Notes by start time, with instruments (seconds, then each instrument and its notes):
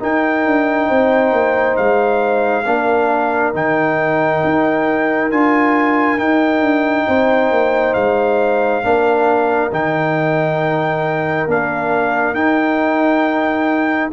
0.00 trombone D#4, tuba D#4, horn A#4, trumpet G5
0.46 tuba D4
0.89 tuba C4, horn C5
1.33 tuba A#3
1.77 tuba G#3, trumpet F5
2.66 tuba A#3, trombone D4, horn A#4
3.54 tuba D#3, trombone D#4, trumpet G5
4.44 tuba D#4
5.31 tuba D4, trombone F4, trumpet G#5
6.18 trombone D#4, tuba D#4, trumpet G5
6.61 tuba D4
7.07 tuba C4, horn C5
7.51 tuba A#3
7.94 tuba G#3, trumpet F5
8.83 tuba A#3, trombone D4, horn A#4
9.71 tuba D#3, trombone D#4, trumpet G5
11.47 tuba A#3, trombone D4, trumpet F5
12.34 tuba D#4, trombone D#4, trumpet G5